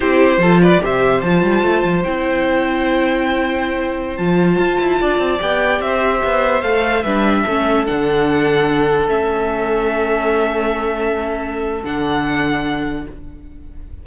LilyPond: <<
  \new Staff \with { instrumentName = "violin" } { \time 4/4 \tempo 4 = 147 c''4. d''8 e''4 a''4~ | a''4 g''2.~ | g''2~ g''16 a''4.~ a''16~ | a''4~ a''16 g''4 e''4.~ e''16~ |
e''16 f''4 e''2 fis''8.~ | fis''2~ fis''16 e''4.~ e''16~ | e''1~ | e''4 fis''2. | }
  \new Staff \with { instrumentName = "violin" } { \time 4/4 g'4 a'8 b'8 c''2~ | c''1~ | c''1~ | c''16 d''2 c''4.~ c''16~ |
c''4~ c''16 b'4 a'4.~ a'16~ | a'1~ | a'1~ | a'1 | }
  \new Staff \with { instrumentName = "viola" } { \time 4/4 e'4 f'4 g'4 f'4~ | f'4 e'2.~ | e'2~ e'16 f'4.~ f'16~ | f'4~ f'16 g'2~ g'8.~ |
g'16 a'4 d'4 cis'4 d'8.~ | d'2~ d'16 cis'4.~ cis'16~ | cis'1~ | cis'4 d'2. | }
  \new Staff \with { instrumentName = "cello" } { \time 4/4 c'4 f4 c4 f8 g8 | a8 f8 c'2.~ | c'2~ c'16 f4 f'8 e'16~ | e'16 d'8 c'8 b4 c'4 b8.~ |
b16 a4 g4 a4 d8.~ | d2~ d16 a4.~ a16~ | a1~ | a4 d2. | }
>>